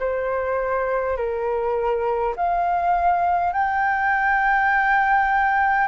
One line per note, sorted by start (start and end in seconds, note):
0.00 1.17 C5
1.17 2.35 A#4
2.36 3.53 F5
3.53 5.88 G5